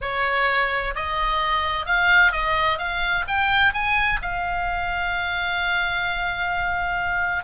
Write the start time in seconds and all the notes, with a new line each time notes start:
0.01 C#5
0.95 D#5
1.86 F5
2.32 D#5
2.78 F5
3.27 G5
3.73 G#5
4.22 F5